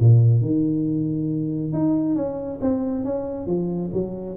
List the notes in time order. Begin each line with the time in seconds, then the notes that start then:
0.00 A#2
0.42 D#3
1.73 D#4
2.16 C#4
2.62 C4
3.05 C#4
3.47 F3
3.93 F#3